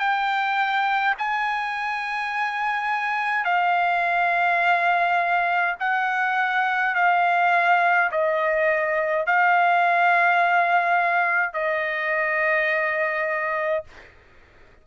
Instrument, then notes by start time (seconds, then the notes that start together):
trumpet
0.00 G5
1.19 G#5
3.45 F5
5.80 F#5
6.95 F5
8.12 D#5
9.27 F5
11.54 D#5